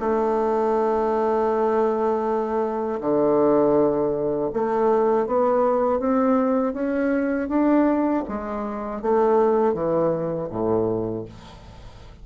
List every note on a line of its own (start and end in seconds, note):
0.00 3.00 A3
3.00 4.50 D3
4.53 5.26 A3
5.26 5.99 B3
5.99 6.74 C4
6.74 7.49 C#4
7.49 8.24 D4
8.28 9.02 G#3
9.02 9.74 A3
9.74 10.49 E3
10.50 11.25 A2